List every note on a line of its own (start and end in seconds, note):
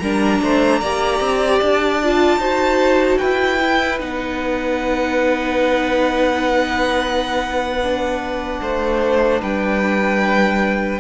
0.00 0.41 G3
0.00 0.83 D4
0.00 0.42 A#4
0.00 1.60 A#5
0.42 0.82 A3
0.42 0.81 C5
0.81 1.21 A#3
0.81 2.04 G4
0.81 2.40 D5
1.21 1.61 C4
1.60 2.38 D4
1.60 3.18 A5
2.04 2.40 F4
2.38 3.18 D#4
2.38 3.60 F#4
2.38 3.20 C5
3.18 4.01 E4
3.18 8.60 B4
3.18 3.98 G5
3.62 3.99 E4
3.99 8.61 B3
3.99 7.79 D#4
3.99 9.42 F#5
7.83 11.01 D4
8.62 9.42 A3
8.62 9.41 C5
9.41 11.01 G3
9.41 11.01 B4
9.41 11.01 G5